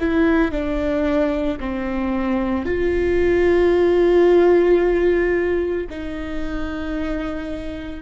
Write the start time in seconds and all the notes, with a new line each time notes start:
0.00 E4
0.51 D4
1.60 C4
2.65 F4
5.90 D#4